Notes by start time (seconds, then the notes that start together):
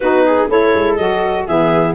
0.00 B3 D#4 F#4 B4
0.26 G#4
0.48 A3 E4 A4 C#5
0.74 G#3
0.95 F#3 F#4 D#5
1.46 E3 B3 G#4 E5